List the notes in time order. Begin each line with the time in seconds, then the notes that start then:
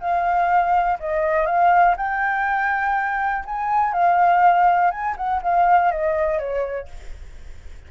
0.00 F5
1.00 D#5
1.46 F5
1.97 G5
3.45 G#5
3.93 F5
4.91 G#5
5.17 F#5
5.42 F5
5.92 D#5
6.39 C#5